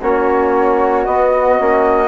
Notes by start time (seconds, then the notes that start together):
0.00 A#3 C#4 F#4 C#5
1.05 B3 D#5
1.58 A#3 C#4